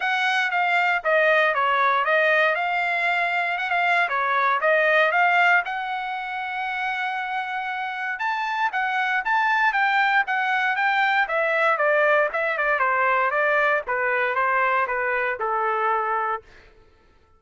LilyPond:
\new Staff \with { instrumentName = "trumpet" } { \time 4/4 \tempo 4 = 117 fis''4 f''4 dis''4 cis''4 | dis''4 f''2 fis''16 f''8. | cis''4 dis''4 f''4 fis''4~ | fis''1 |
a''4 fis''4 a''4 g''4 | fis''4 g''4 e''4 d''4 | e''8 d''8 c''4 d''4 b'4 | c''4 b'4 a'2 | }